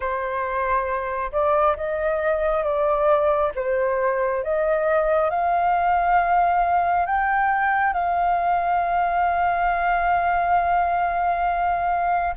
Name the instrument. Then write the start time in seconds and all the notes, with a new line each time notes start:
flute
0.00 C5
1.32 D5
1.76 D#5
2.63 D5
3.55 C5
4.44 D#5
5.29 F5
7.06 G5
7.93 F5